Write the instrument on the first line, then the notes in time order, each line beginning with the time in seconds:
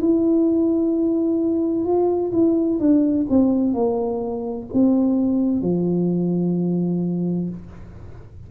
tuba
0.00 E4
1.85 F4
2.32 E4
2.79 D4
3.29 C4
3.73 A#3
4.73 C4
5.61 F3